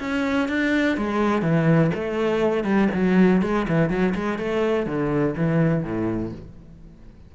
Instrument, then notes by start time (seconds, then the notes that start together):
cello
0.00 C#4
0.49 D4
0.97 G#3
1.42 E3
1.95 A3
2.64 G3
2.94 F#3
3.42 G#3
3.69 E3
3.90 F#3
4.15 G#3
4.39 A3
4.86 D3
5.37 E3
5.84 A2